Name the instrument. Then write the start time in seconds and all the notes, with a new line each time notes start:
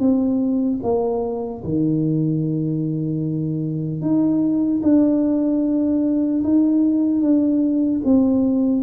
tuba
0.00 C4
0.83 A#3
1.64 D#3
4.01 D#4
4.83 D4
6.44 D#4
7.21 D4
8.05 C4